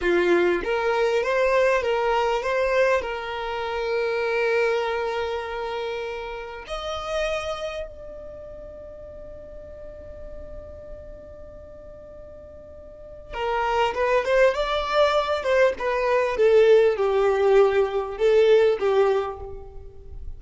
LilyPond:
\new Staff \with { instrumentName = "violin" } { \time 4/4 \tempo 4 = 99 f'4 ais'4 c''4 ais'4 | c''4 ais'2.~ | ais'2. dis''4~ | dis''4 d''2.~ |
d''1~ | d''2 ais'4 b'8 c''8 | d''4. c''8 b'4 a'4 | g'2 a'4 g'4 | }